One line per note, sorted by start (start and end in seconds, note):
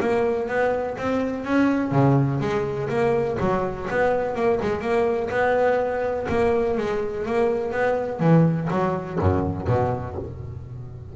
0.00 0.48 A#3
0.48 0.96 B3
0.98 1.44 C4
1.44 1.91 C#4
1.91 2.39 C#3
2.40 2.89 G#3
2.89 3.37 A#3
3.39 3.88 F#3
3.90 4.35 B3
4.35 4.59 A#3
4.61 4.81 G#3
4.81 5.29 A#3
5.30 6.27 B3
6.29 6.77 A#3
6.77 7.25 G#3
7.25 7.72 A#3
7.72 8.19 B3
8.19 8.68 E3
8.70 9.19 F#3
9.19 9.67 F#2
9.67 10.16 B2